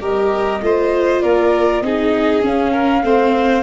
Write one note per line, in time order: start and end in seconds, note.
0.00 0.61 G3
0.00 0.61 G4
0.00 0.61 A#4
0.00 1.21 D#5
0.61 1.22 A3
0.61 1.84 F4
0.61 1.22 C5
1.21 1.81 A#3
1.21 1.83 A#4
1.21 1.82 D5
1.81 2.42 C4
1.81 2.42 D#4
1.81 2.72 G#4
1.81 2.42 D#5
2.42 3.02 C#4
2.42 3.03 C#4
2.42 3.63 F5
2.72 3.03 A#4
3.03 3.63 A3
3.03 3.63 C4
3.03 3.63 C5